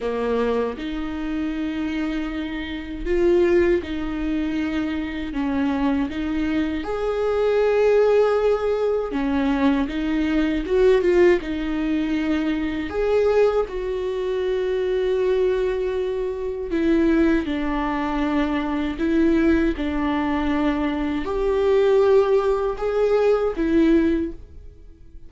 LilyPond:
\new Staff \with { instrumentName = "viola" } { \time 4/4 \tempo 4 = 79 ais4 dis'2. | f'4 dis'2 cis'4 | dis'4 gis'2. | cis'4 dis'4 fis'8 f'8 dis'4~ |
dis'4 gis'4 fis'2~ | fis'2 e'4 d'4~ | d'4 e'4 d'2 | g'2 gis'4 e'4 | }